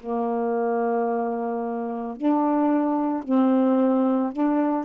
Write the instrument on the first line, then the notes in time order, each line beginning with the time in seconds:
saxophone
0.00 A#3
2.17 D4
3.23 C4
4.32 D4